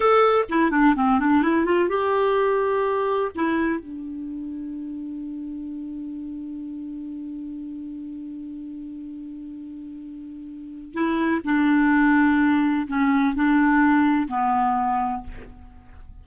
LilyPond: \new Staff \with { instrumentName = "clarinet" } { \time 4/4 \tempo 4 = 126 a'4 e'8 d'8 c'8 d'8 e'8 f'8 | g'2. e'4 | d'1~ | d'1~ |
d'1~ | d'2. e'4 | d'2. cis'4 | d'2 b2 | }